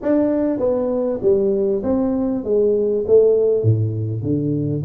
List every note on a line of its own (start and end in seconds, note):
0.02 0.59 D4
0.59 1.19 B3
1.21 1.82 G3
1.83 2.44 C4
2.44 3.04 G#3
3.07 3.63 A3
3.63 4.22 A2
4.22 4.82 D3